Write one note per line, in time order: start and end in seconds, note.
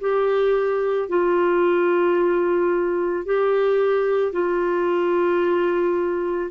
0.00 1.09 G4
1.09 3.25 F4
3.25 4.32 G4
4.32 6.50 F4